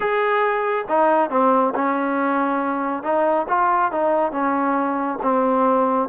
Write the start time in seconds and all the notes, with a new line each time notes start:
0.00 G#4
0.88 D#4
1.30 C4
1.74 C#4
3.03 D#4
3.48 F4
3.91 D#4
4.31 C#4
5.22 C4